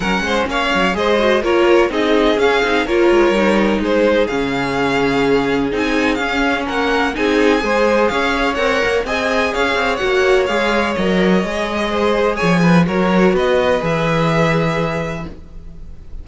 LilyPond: <<
  \new Staff \with { instrumentName = "violin" } { \time 4/4 \tempo 4 = 126 fis''4 f''4 dis''4 cis''4 | dis''4 f''4 cis''2 | c''4 f''2. | gis''4 f''4 fis''4 gis''4~ |
gis''4 f''4 fis''4 gis''4 | f''4 fis''4 f''4 dis''4~ | dis''2 gis''4 cis''4 | dis''4 e''2. | }
  \new Staff \with { instrumentName = "violin" } { \time 4/4 ais'8 c''8 cis''4 c''4 ais'4 | gis'2 ais'2 | gis'1~ | gis'2 ais'4 gis'4 |
c''4 cis''2 dis''4 | cis''1~ | cis''4 c''4 cis''8 b'8 ais'4 | b'1 | }
  \new Staff \with { instrumentName = "viola" } { \time 4/4 cis'2 gis'8 fis'8 f'4 | dis'4 cis'8 dis'8 f'4 dis'4~ | dis'4 cis'2. | dis'4 cis'2 dis'4 |
gis'2 ais'4 gis'4~ | gis'4 fis'4 gis'4 ais'4 | gis'2. fis'4~ | fis'4 gis'2. | }
  \new Staff \with { instrumentName = "cello" } { \time 4/4 fis8 gis8 ais8 fis8 gis4 ais4 | c'4 cis'8 c'8 ais8 gis8 g4 | gis4 cis2. | c'4 cis'4 ais4 c'4 |
gis4 cis'4 c'8 ais8 c'4 | cis'8 c'8 ais4 gis4 fis4 | gis2 f4 fis4 | b4 e2. | }
>>